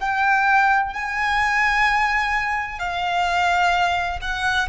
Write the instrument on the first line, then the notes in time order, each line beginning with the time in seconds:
violin
0.00 G5
0.94 G#5
2.79 F5
4.21 F#5